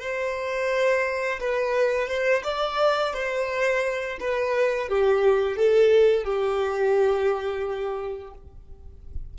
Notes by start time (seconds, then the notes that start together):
0.00 C5
1.40 B4
2.08 C5
2.44 D5
3.14 C5
4.20 B4
4.89 G4
5.56 A4
6.24 G4